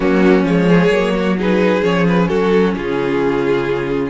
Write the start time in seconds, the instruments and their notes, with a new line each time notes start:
0.00 cello F#3, viola A#3, violin C#4 F#4
0.42 cello F3, viola G#3, violin C#5
0.68 violin G#4
0.90 cello F#3, viola A#3
1.14 violin F#4
1.37 viola D#4, violin G#4 B4
1.82 cello F3, viola C#4, violin C#5
2.07 violin B4
2.28 cello F#3, violin F#4 A4
2.76 cello C#3, violin F4 G#4